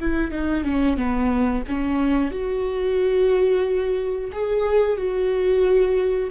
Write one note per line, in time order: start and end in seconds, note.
0.00 0.31 E4
0.31 0.64 D#4
0.64 0.97 C#4
0.97 1.63 B3
1.68 2.31 C#4
2.31 4.31 F#4
4.32 4.97 G#4
4.97 6.30 F#4